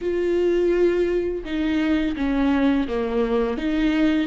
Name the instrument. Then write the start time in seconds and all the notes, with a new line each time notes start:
viola
0.01 F4
1.44 D#4
2.16 C#4
2.87 A#3
3.57 D#4